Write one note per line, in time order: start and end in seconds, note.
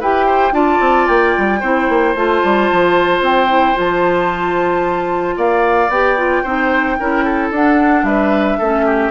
0.00 0.52 E4
0.00 0.52 G4
0.00 0.26 B4
0.00 0.54 G5
0.26 0.53 C5
0.52 0.79 D4
0.52 1.60 F4
0.52 1.60 D5
0.52 1.07 A5
0.80 1.07 C4
1.07 1.35 A#3
1.07 2.14 G5
1.38 1.62 G3
1.60 1.89 C4
1.60 2.16 E4
1.60 5.35 C5
1.89 2.15 A#3
2.15 2.42 A3
2.15 3.48 F4
2.15 3.22 A5
2.44 2.71 G3
2.72 3.21 F3
3.21 3.75 C4
3.21 3.78 G5
3.48 3.75 E4
3.75 5.37 F3
3.75 5.89 F4
3.75 5.39 A5
5.37 5.89 A#3
5.37 6.43 D5
5.37 5.90 F5
5.89 6.42 B3
5.89 6.18 G4
5.89 7.51 G5
6.18 6.44 F4
6.43 6.98 C4
6.43 6.99 D#4
6.43 6.97 C5
7.00 7.51 C#4
7.00 7.53 E4
7.00 7.25 A#4
7.25 8.05 A4
7.51 8.03 D4
7.51 8.62 D4
7.51 8.05 F#5
8.03 8.57 G3
8.03 8.58 B4
8.03 9.11 E5
8.58 9.11 A3
8.58 9.11 C#4
8.58 8.85 A4
8.86 9.11 G4